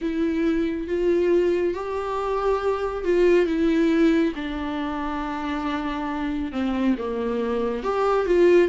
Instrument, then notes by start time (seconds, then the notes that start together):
viola
0.01 E4
0.87 F4
1.74 G4
3.04 F4
3.46 E4
4.35 D4
6.52 C4
6.98 A#3
7.83 G4
8.26 F4